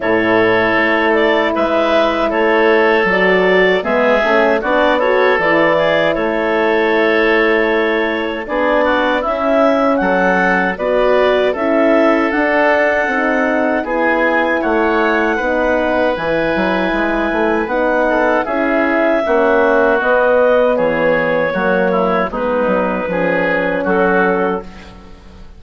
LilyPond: <<
  \new Staff \with { instrumentName = "clarinet" } { \time 4/4 \tempo 4 = 78 cis''4. d''8 e''4 cis''4 | d''4 e''4 d''8 cis''8 d''4 | cis''2. d''4 | e''4 fis''4 d''4 e''4 |
fis''2 gis''4 fis''4~ | fis''4 gis''2 fis''4 | e''2 dis''4 cis''4~ | cis''4 b'2 a'4 | }
  \new Staff \with { instrumentName = "oboe" } { \time 4/4 a'2 b'4 a'4~ | a'4 gis'4 fis'8 a'4 gis'8 | a'2. gis'8 fis'8 | e'4 a'4 b'4 a'4~ |
a'2 gis'4 cis''4 | b'2.~ b'8 a'8 | gis'4 fis'2 gis'4 | fis'8 e'8 dis'4 gis'4 fis'4 | }
  \new Staff \with { instrumentName = "horn" } { \time 4/4 e'1 | fis'4 b8 cis'8 d'8 fis'8 e'4~ | e'2. d'4 | cis'2 fis'4 e'4 |
d'4 dis'4 e'2 | dis'4 e'2 dis'4 | e'4 cis'4 b2 | ais4 b4 cis'2 | }
  \new Staff \with { instrumentName = "bassoon" } { \time 4/4 a,4 a4 gis4 a4 | fis4 gis8 a8 b4 e4 | a2. b4 | cis'4 fis4 b4 cis'4 |
d'4 c'4 b4 a4 | b4 e8 fis8 gis8 a8 b4 | cis'4 ais4 b4 e4 | fis4 gis8 fis8 f4 fis4 | }
>>